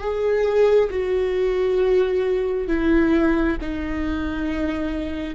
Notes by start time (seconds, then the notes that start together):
0.00 G#4
0.90 F#4
2.67 E4
3.61 D#4